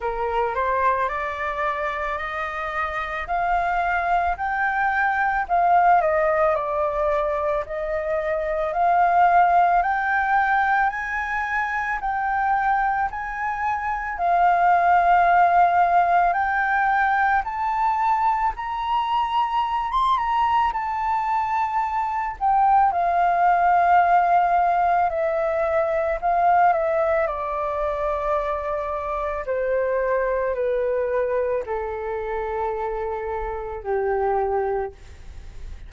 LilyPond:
\new Staff \with { instrumentName = "flute" } { \time 4/4 \tempo 4 = 55 ais'8 c''8 d''4 dis''4 f''4 | g''4 f''8 dis''8 d''4 dis''4 | f''4 g''4 gis''4 g''4 | gis''4 f''2 g''4 |
a''4 ais''4~ ais''16 c'''16 ais''8 a''4~ | a''8 g''8 f''2 e''4 | f''8 e''8 d''2 c''4 | b'4 a'2 g'4 | }